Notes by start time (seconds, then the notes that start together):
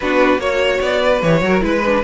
0.00 B3 D4 F#4 B4
0.38 A#3 F#4 C#5
0.80 B3 D5
1.01 B4
1.22 E3 G4 C#5
1.41 F#3 F#4 A#4
1.61 G#3 E4 B4
1.85 D4